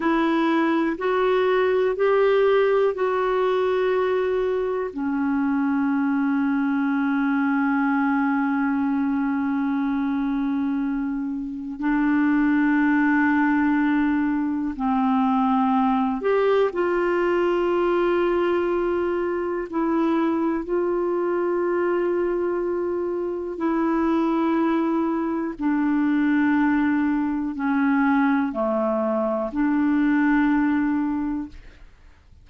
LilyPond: \new Staff \with { instrumentName = "clarinet" } { \time 4/4 \tempo 4 = 61 e'4 fis'4 g'4 fis'4~ | fis'4 cis'2.~ | cis'1 | d'2. c'4~ |
c'8 g'8 f'2. | e'4 f'2. | e'2 d'2 | cis'4 a4 d'2 | }